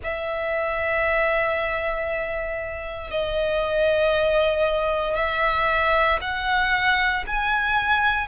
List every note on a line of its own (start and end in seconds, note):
0.03 3.10 E5
3.10 5.15 D#5
5.15 6.19 E5
6.21 7.24 F#5
7.26 8.27 G#5